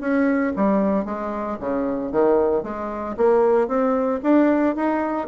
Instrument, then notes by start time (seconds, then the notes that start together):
bassoon
0.00 C#4
0.56 G3
1.05 G#3
1.60 C#3
2.11 D#3
2.63 G#3
3.17 A#3
3.68 C4
4.23 D4
4.76 D#4